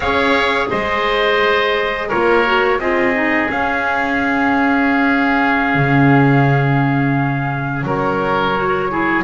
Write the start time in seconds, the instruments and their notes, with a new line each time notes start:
0.00 double bass C#4, clarinet G#4, oboe C#5, trumpet F5
0.70 double bass G#3, oboe C5, trumpet D#5
2.08 double bass A#3, clarinet F4, oboe A#4, trumpet C#5
2.44 clarinet F#4
2.78 double bass C4, clarinet F4, oboe G#4, trumpet D#5
3.13 clarinet D#4
3.47 clarinet C#4, double bass C#4, trumpet F5
5.74 double bass C#3
7.83 double bass F#3, oboe A#4, trumpet C#5
8.54 clarinet F#4
8.89 clarinet E4, oboe G#4